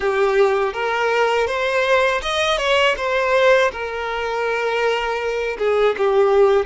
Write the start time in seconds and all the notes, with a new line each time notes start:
0.00 G4
0.73 A#4
1.47 C5
2.22 D#5
2.57 C#5
2.97 C5
3.71 A#4
5.58 G#4
5.97 G4